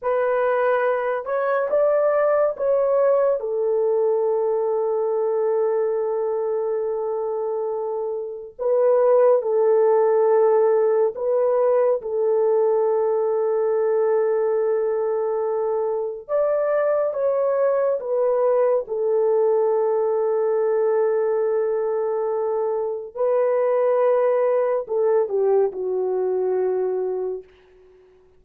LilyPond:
\new Staff \with { instrumentName = "horn" } { \time 4/4 \tempo 4 = 70 b'4. cis''8 d''4 cis''4 | a'1~ | a'2 b'4 a'4~ | a'4 b'4 a'2~ |
a'2. d''4 | cis''4 b'4 a'2~ | a'2. b'4~ | b'4 a'8 g'8 fis'2 | }